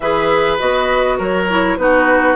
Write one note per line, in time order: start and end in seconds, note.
0.00 0.59 E3
0.00 0.58 G#4
0.00 1.18 B4
0.00 0.57 E5
0.58 1.19 B3
0.58 1.47 F#4
0.58 1.17 D#5
1.18 1.77 F#3
1.18 1.77 A#4
1.18 1.76 C#5
1.49 1.78 E4
1.76 2.36 B3
1.76 2.36 D#4
1.76 2.36 F#4
1.76 2.36 B4